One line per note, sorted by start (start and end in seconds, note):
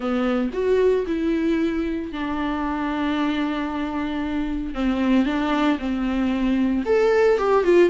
0.00 0.50 B3
0.53 1.05 F#4
1.06 2.12 E4
2.12 4.74 D4
4.74 5.25 C4
5.25 5.78 D4
5.78 6.83 C4
6.85 7.38 A4
7.38 7.63 G4
7.63 7.89 F4